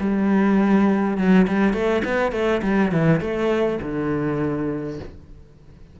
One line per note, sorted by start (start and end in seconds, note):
0.00 1.17 G3
1.17 1.47 F#3
1.47 1.73 G3
1.73 2.02 A3
2.05 2.32 B3
2.32 2.61 A3
2.62 2.92 G3
2.92 3.20 E3
3.20 3.79 A3
3.82 4.99 D3